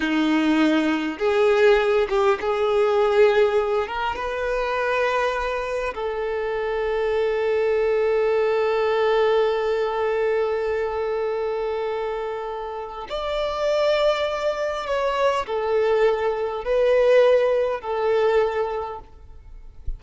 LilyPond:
\new Staff \with { instrumentName = "violin" } { \time 4/4 \tempo 4 = 101 dis'2 gis'4. g'8 | gis'2~ gis'8 ais'8 b'4~ | b'2 a'2~ | a'1~ |
a'1~ | a'2 d''2~ | d''4 cis''4 a'2 | b'2 a'2 | }